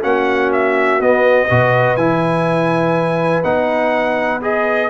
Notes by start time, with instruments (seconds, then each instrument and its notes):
0.00 tuba A#3, trombone C#4, horn F#4, trumpet F#5
0.52 trumpet E5
0.99 trombone B3, tuba B3, trumpet D#5
1.48 tuba B2, trombone F#4, horn B4
1.96 tuba E3, trombone E4, trumpet G#5
3.43 tuba B3, trombone D#4, trumpet F#5
4.41 trombone G#4, trumpet D#5